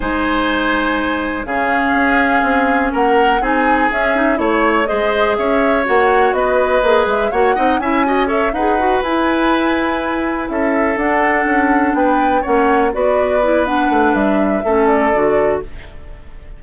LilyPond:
<<
  \new Staff \with { instrumentName = "flute" } { \time 4/4 \tempo 4 = 123 gis''2. f''4~ | f''2 fis''4 gis''4 | e''4 cis''4 dis''4 e''4 | fis''4 dis''4. e''8 fis''4 |
gis''4 e''8 fis''4 gis''4.~ | gis''4. e''4 fis''4.~ | fis''8 g''4 fis''4 d''4. | fis''4 e''4. d''4. | }
  \new Staff \with { instrumentName = "oboe" } { \time 4/4 c''2. gis'4~ | gis'2 ais'4 gis'4~ | gis'4 cis''4 c''4 cis''4~ | cis''4 b'2 cis''8 dis''8 |
e''8 dis''8 cis''8 b'2~ b'8~ | b'4. a'2~ a'8~ | a'8 b'4 cis''4 b'4.~ | b'2 a'2 | }
  \new Staff \with { instrumentName = "clarinet" } { \time 4/4 dis'2. cis'4~ | cis'2. dis'4 | cis'8 dis'8 e'4 gis'2 | fis'2 gis'4 fis'8 dis'8 |
e'8 fis'8 a'8 gis'8 fis'8 e'4.~ | e'2~ e'8 d'4.~ | d'4. cis'4 fis'4 e'8 | d'2 cis'4 fis'4 | }
  \new Staff \with { instrumentName = "bassoon" } { \time 4/4 gis2. cis4 | cis'4 c'4 ais4 c'4 | cis'4 a4 gis4 cis'4 | ais4 b4 ais8 gis8 ais8 c'8 |
cis'4. dis'4 e'4.~ | e'4. cis'4 d'4 cis'8~ | cis'8 b4 ais4 b4.~ | b8 a8 g4 a4 d4 | }
>>